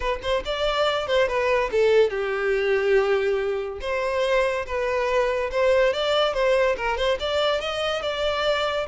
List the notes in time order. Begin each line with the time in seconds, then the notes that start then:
0.00 B4
0.22 C5
0.45 D5
1.07 C5
1.28 B4
1.71 A4
2.10 G4
3.80 C5
4.66 B4
5.51 C5
5.93 D5
6.33 C5
6.77 A#4
6.97 C5
7.19 D5
7.61 D#5
8.02 D5